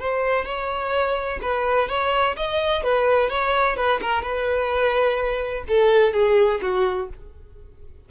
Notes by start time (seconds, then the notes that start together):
0.00 C5
0.46 C#5
1.42 B4
1.89 C#5
2.37 D#5
2.84 B4
3.30 C#5
3.77 B4
4.02 A#4
4.23 B4
5.68 A4
6.14 G#4
6.62 F#4